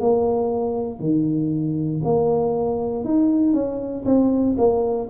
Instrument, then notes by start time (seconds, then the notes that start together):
tuba
0.00 A#3
1.00 D#3
2.04 A#3
3.04 D#4
3.53 C#4
4.05 C4
4.58 A#3